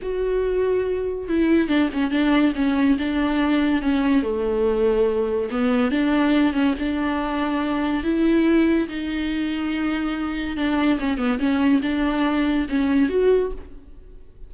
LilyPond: \new Staff \with { instrumentName = "viola" } { \time 4/4 \tempo 4 = 142 fis'2. e'4 | d'8 cis'8 d'4 cis'4 d'4~ | d'4 cis'4 a2~ | a4 b4 d'4. cis'8 |
d'2. e'4~ | e'4 dis'2.~ | dis'4 d'4 cis'8 b8 cis'4 | d'2 cis'4 fis'4 | }